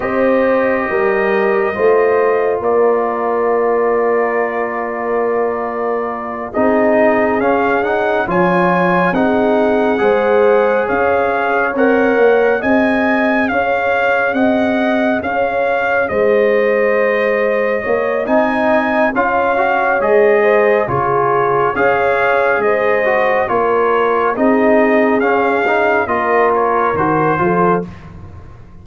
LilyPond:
<<
  \new Staff \with { instrumentName = "trumpet" } { \time 4/4 \tempo 4 = 69 dis''2. d''4~ | d''2.~ d''8 dis''8~ | dis''8 f''8 fis''8 gis''4 fis''4.~ | fis''8 f''4 fis''4 gis''4 f''8~ |
f''8 fis''4 f''4 dis''4.~ | dis''4 gis''4 f''4 dis''4 | cis''4 f''4 dis''4 cis''4 | dis''4 f''4 dis''8 cis''8 c''4 | }
  \new Staff \with { instrumentName = "horn" } { \time 4/4 c''4 ais'4 c''4 ais'4~ | ais'2.~ ais'8 gis'8~ | gis'4. cis''4 gis'4 c''8~ | c''8 cis''2 dis''4 cis''8~ |
cis''8 dis''4 cis''4 c''4.~ | c''8 cis''8 dis''4 cis''4. c''8 | gis'4 cis''4 c''4 ais'4 | gis'2 ais'4. a'8 | }
  \new Staff \with { instrumentName = "trombone" } { \time 4/4 g'2 f'2~ | f'2.~ f'8 dis'8~ | dis'8 cis'8 dis'8 f'4 dis'4 gis'8~ | gis'4. ais'4 gis'4.~ |
gis'1~ | gis'4 dis'4 f'8 fis'8 gis'4 | f'4 gis'4. fis'8 f'4 | dis'4 cis'8 dis'8 f'4 fis'8 f'8 | }
  \new Staff \with { instrumentName = "tuba" } { \time 4/4 c'4 g4 a4 ais4~ | ais2.~ ais8 c'8~ | c'8 cis'4 f4 c'4 gis8~ | gis8 cis'4 c'8 ais8 c'4 cis'8~ |
cis'8 c'4 cis'4 gis4.~ | gis8 ais8 c'4 cis'4 gis4 | cis4 cis'4 gis4 ais4 | c'4 cis'4 ais4 dis8 f8 | }
>>